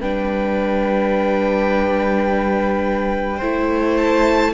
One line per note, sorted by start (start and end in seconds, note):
0.00 3.41 G3
0.00 3.42 D4
0.00 3.38 B4
0.00 3.97 G5
3.38 4.54 A3
3.38 4.54 E4
3.38 4.51 C5
3.97 4.53 A5